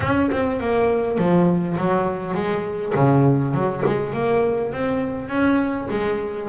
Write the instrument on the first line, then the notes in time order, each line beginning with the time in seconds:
double bass
0.00 C#4
0.31 C4
0.60 A#3
1.18 F3
1.77 F#3
2.34 G#3
2.95 C#3
3.53 F#3
3.85 G#3
4.13 A#3
4.72 C4
5.28 C#4
5.90 G#3